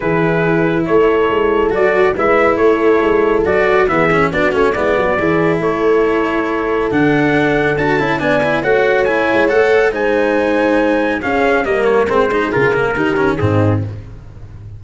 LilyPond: <<
  \new Staff \with { instrumentName = "trumpet" } { \time 4/4 \tempo 4 = 139 b'2 cis''2 | d''4 e''4 cis''2 | d''4 e''4 d''8 cis''8 d''4~ | d''4 cis''2. |
fis''2 a''4 gis''4 | fis''4 gis''4 fis''4 gis''4~ | gis''2 f''4 dis''8 cis''8 | c''4 ais'2 gis'4 | }
  \new Staff \with { instrumentName = "horn" } { \time 4/4 gis'2 a'2~ | a'4 b'4 a'2~ | a'4 gis'4 fis'4 e'8 fis'8 | gis'4 a'2.~ |
a'2. d''4 | cis''2. c''4~ | c''2 gis'4 ais'4~ | ais'8 gis'4. g'4 dis'4 | }
  \new Staff \with { instrumentName = "cello" } { \time 4/4 e'1 | fis'4 e'2. | fis'4 b8 cis'8 d'8 cis'8 b4 | e'1 |
d'2 fis'8 e'8 d'8 e'8 | fis'4 e'4 a'4 dis'4~ | dis'2 cis'4 ais4 | c'8 dis'8 f'8 ais8 dis'8 cis'8 c'4 | }
  \new Staff \with { instrumentName = "tuba" } { \time 4/4 e2 a4 gis4 | fis4 gis4 a4 gis4 | fis4 e4 b8 a8 gis8 fis8 | e4 a2. |
d2 d'8 cis'8 b4 | a4. gis8 a4 gis4~ | gis2 cis'4 g4 | gis4 cis4 dis4 gis,4 | }
>>